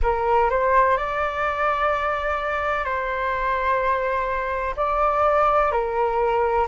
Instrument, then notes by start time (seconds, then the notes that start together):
flute
0.02 A#4
0.49 C5
0.97 D5
2.84 C5
4.76 D5
5.71 A#4